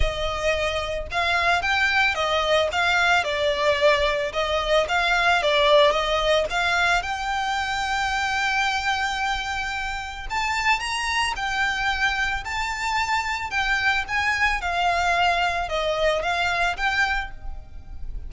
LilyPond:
\new Staff \with { instrumentName = "violin" } { \time 4/4 \tempo 4 = 111 dis''2 f''4 g''4 | dis''4 f''4 d''2 | dis''4 f''4 d''4 dis''4 | f''4 g''2.~ |
g''2. a''4 | ais''4 g''2 a''4~ | a''4 g''4 gis''4 f''4~ | f''4 dis''4 f''4 g''4 | }